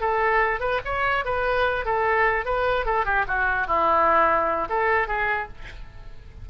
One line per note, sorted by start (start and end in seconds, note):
0.00 0.60 A4
0.60 0.80 B4
0.84 1.25 C#5
1.25 1.85 B4
1.85 2.45 A4
2.45 2.85 B4
2.85 3.05 A4
3.05 3.25 G4
3.27 3.67 F#4
3.67 4.68 E4
4.69 5.07 A4
5.07 5.48 G#4